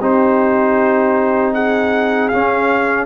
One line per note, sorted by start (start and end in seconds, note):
0.00 2.31 C4
0.00 2.32 D#4
0.00 1.54 G4
0.00 1.54 C5
1.54 3.06 G#4
1.54 2.29 F#5
2.29 3.06 C#4
2.29 3.06 F5